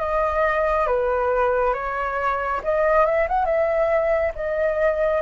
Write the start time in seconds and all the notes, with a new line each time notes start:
0.00 D#5
0.87 B4
1.74 C#5
2.64 D#5
3.06 E5
3.29 F#5
3.45 E5
4.36 D#5